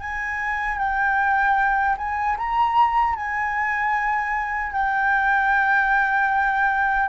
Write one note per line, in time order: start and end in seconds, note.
0.00 0.78 G#5
0.78 1.96 G5
1.97 2.37 G#5
2.37 3.15 A#5
3.15 4.72 G#5
4.72 7.09 G5